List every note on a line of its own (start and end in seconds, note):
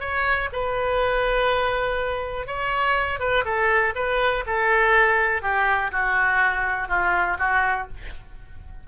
0.00 0.49 C#5
0.52 2.47 B4
2.47 3.20 C#5
3.20 3.44 B4
3.45 3.94 A4
3.95 4.44 B4
4.46 5.42 A4
5.42 5.92 G4
5.92 6.89 F#4
6.89 7.38 F4
7.38 7.88 F#4